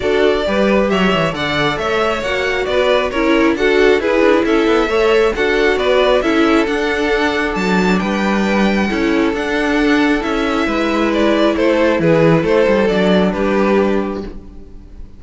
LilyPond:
<<
  \new Staff \with { instrumentName = "violin" } { \time 4/4 \tempo 4 = 135 d''2 e''4 fis''4 | e''4 fis''4 d''4 cis''4 | fis''4 b'4 e''2 | fis''4 d''4 e''4 fis''4~ |
fis''4 a''4 g''2~ | g''4 fis''2 e''4~ | e''4 d''4 c''4 b'4 | c''4 d''4 b'2 | }
  \new Staff \with { instrumentName = "violin" } { \time 4/4 a'4 b'4 cis''4 d''4 | cis''2 b'4 ais'4 | a'4 gis'4 a'4 cis''4 | a'4 b'4 a'2~ |
a'2 b'2 | a'1 | b'2 a'4 gis'4 | a'2 g'2 | }
  \new Staff \with { instrumentName = "viola" } { \time 4/4 fis'4 g'2 a'4~ | a'4 fis'2 e'4 | fis'4 e'2 a'4 | fis'2 e'4 d'4~ |
d'1 | e'4 d'2 e'4~ | e'1~ | e'4 d'2. | }
  \new Staff \with { instrumentName = "cello" } { \time 4/4 d'4 g4 fis8 e8 d4 | a4 ais4 b4 cis'4 | d'4 e'8 d'8 cis'8 b8 a4 | d'4 b4 cis'4 d'4~ |
d'4 fis4 g2 | cis'4 d'2 cis'4 | gis2 a4 e4 | a8 g8 fis4 g2 | }
>>